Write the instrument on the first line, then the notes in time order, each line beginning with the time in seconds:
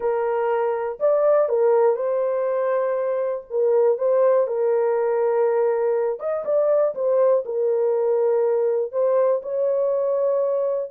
horn
0.00 A#4
0.99 D5
1.49 A#4
1.95 C5
3.50 A#4
3.98 C5
4.47 A#4
6.19 D#5
6.45 D5
6.94 C5
7.45 A#4
8.91 C5
9.42 C#5